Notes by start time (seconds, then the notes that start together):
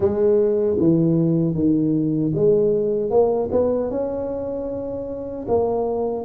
0.00 G#3
0.79 E3
1.54 D#3
2.34 G#3
3.10 A#3
3.51 B3
3.90 C#4
5.48 A#3